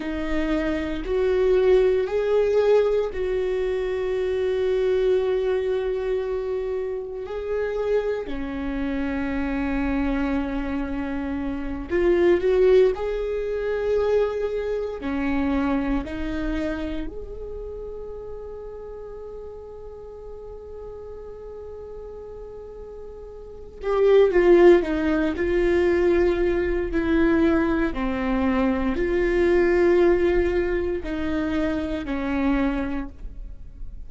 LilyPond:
\new Staff \with { instrumentName = "viola" } { \time 4/4 \tempo 4 = 58 dis'4 fis'4 gis'4 fis'4~ | fis'2. gis'4 | cis'2.~ cis'8 f'8 | fis'8 gis'2 cis'4 dis'8~ |
dis'8 gis'2.~ gis'8~ | gis'2. g'8 f'8 | dis'8 f'4. e'4 c'4 | f'2 dis'4 cis'4 | }